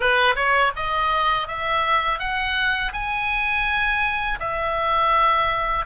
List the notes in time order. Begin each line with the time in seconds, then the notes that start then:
0.00 B4
0.35 C#5
0.75 D#5
1.47 E5
2.19 F#5
2.93 G#5
4.39 E5